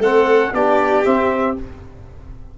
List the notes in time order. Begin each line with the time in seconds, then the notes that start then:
0.00 A3 C4 A4 F#5
0.54 B3 D4 G4 D5
1.05 C4 E5